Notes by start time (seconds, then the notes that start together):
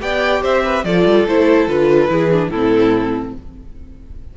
0.00 B3 G4 D5 G5
0.42 C4 C5 E5
0.64 B4
0.84 F3 F4 A4 D5
1.05 G3
1.26 A3 E4 C5
1.67 D3 F4 B4
2.09 E3 E4 G#4
2.31 D4
2.49 A2 C4 E4 A4